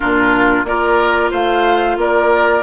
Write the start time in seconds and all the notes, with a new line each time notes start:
0.00 A#2 D4 F4 A#4
0.64 A#3 F4 A#4 D5
1.30 A3 C5 F5
1.96 A#3 A#4 D5